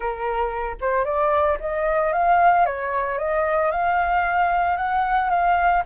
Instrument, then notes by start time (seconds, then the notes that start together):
flute
0.00 A#4
0.80 C5
1.05 D5
1.60 D#5
2.12 F5
2.65 C#5
3.18 D#5
3.71 F5
4.76 F#5
5.30 F5